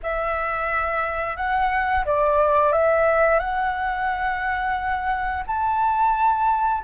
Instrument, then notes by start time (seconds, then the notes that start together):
flute
0.02 E5
1.36 F#5
2.05 D5
2.72 E5
3.39 F#5
5.46 A5